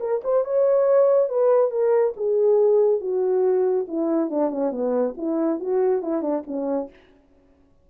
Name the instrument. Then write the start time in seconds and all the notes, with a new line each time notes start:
horn
0.00 A#4
0.24 C5
0.45 C#5
1.29 B4
1.71 A#4
2.17 G#4
3.01 F#4
3.88 E4
4.30 D4
4.50 C#4
4.72 B3
5.17 E4
5.60 F#4
6.02 E4
6.22 D4
6.47 C#4